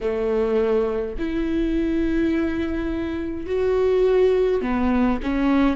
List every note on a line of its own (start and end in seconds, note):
0.00 1.15 A3
1.18 3.46 E4
3.46 4.61 F#4
4.61 5.19 B3
5.22 5.76 C#4